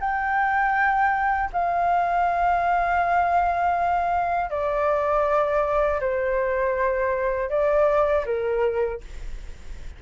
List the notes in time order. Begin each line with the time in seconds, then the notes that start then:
0.00 G5
1.53 F5
4.50 D5
6.00 C5
7.50 D5
8.26 A#4